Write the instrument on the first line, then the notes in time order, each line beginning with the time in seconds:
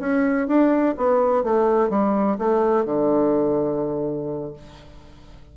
bassoon
0.00 C#4
0.48 D4
0.98 B3
1.44 A3
1.90 G3
2.39 A3
2.86 D3